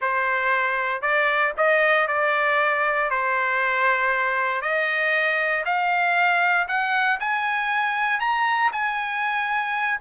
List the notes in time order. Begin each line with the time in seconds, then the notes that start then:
0.01 C5
1.01 D5
1.57 D#5
2.07 D5
3.10 C5
4.61 D#5
5.65 F5
6.68 F#5
7.19 G#5
8.20 A#5
8.72 G#5